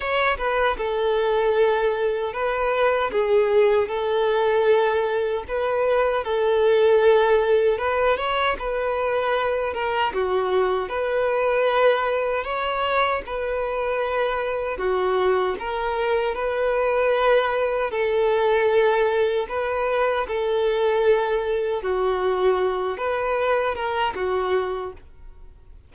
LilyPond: \new Staff \with { instrumentName = "violin" } { \time 4/4 \tempo 4 = 77 cis''8 b'8 a'2 b'4 | gis'4 a'2 b'4 | a'2 b'8 cis''8 b'4~ | b'8 ais'8 fis'4 b'2 |
cis''4 b'2 fis'4 | ais'4 b'2 a'4~ | a'4 b'4 a'2 | fis'4. b'4 ais'8 fis'4 | }